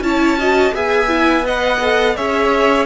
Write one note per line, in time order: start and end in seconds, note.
0.00 0.71 C#4
0.00 0.37 E4
0.00 0.38 C#5
0.00 0.74 A5
0.37 0.73 F#4
0.37 0.74 D#5
0.74 2.17 B3
0.74 1.08 G#4
0.74 1.45 E5
0.74 1.46 G#5
1.08 1.43 E4
1.43 1.79 B4
1.43 2.16 D#5
1.43 2.16 F#5
1.80 2.16 A4
2.16 2.85 C#4
2.16 2.85 G#4
2.16 2.85 C#5
2.16 2.85 E5